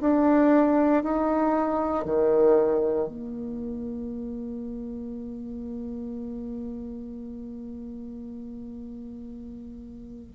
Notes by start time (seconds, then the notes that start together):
0.00 D4
1.03 D#4
2.05 D#3
3.08 A#3